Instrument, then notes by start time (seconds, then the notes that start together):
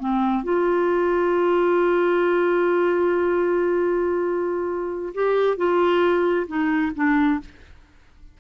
clarinet
0.00 C4
0.44 F4
5.15 G4
5.57 F4
6.48 D#4
6.96 D4